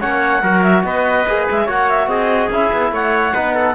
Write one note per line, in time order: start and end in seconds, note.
0.00 0.43 A#3
0.00 0.43 C#4
0.00 0.42 C#5
0.00 0.62 F#5
0.43 0.83 F#3
0.43 1.27 F#4
0.43 0.84 A#4
0.62 0.83 E5
0.83 1.25 B3
0.83 1.65 B4
0.83 1.47 D#5
1.28 1.49 A#3
1.28 1.68 G#4
1.51 1.68 G#3
1.51 1.69 E5
1.65 2.07 A#3
1.65 2.51 F#4
1.65 2.07 C#5
1.65 1.89 F#5
1.89 2.08 E5
2.07 2.49 C4
2.07 2.93 G#4
2.07 2.49 D#5
2.50 2.71 C#4
2.50 3.34 E4
2.50 2.94 E5
2.72 2.92 B3
2.92 3.33 A3
2.92 3.34 C#5
2.92 3.75 F#5
3.34 3.75 B3
3.34 3.75 D#4
3.34 3.55 B4
3.55 3.75 A4